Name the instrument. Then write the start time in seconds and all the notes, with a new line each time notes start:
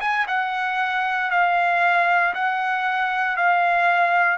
trumpet
0.00 G#5
0.27 F#5
1.30 F5
2.34 F#5
3.36 F5